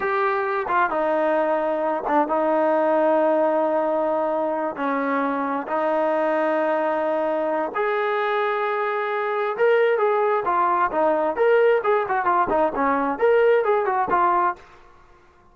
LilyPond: \new Staff \with { instrumentName = "trombone" } { \time 4/4 \tempo 4 = 132 g'4. f'8 dis'2~ | dis'8 d'8 dis'2.~ | dis'2~ dis'8 cis'4.~ | cis'8 dis'2.~ dis'8~ |
dis'4 gis'2.~ | gis'4 ais'4 gis'4 f'4 | dis'4 ais'4 gis'8 fis'8 f'8 dis'8 | cis'4 ais'4 gis'8 fis'8 f'4 | }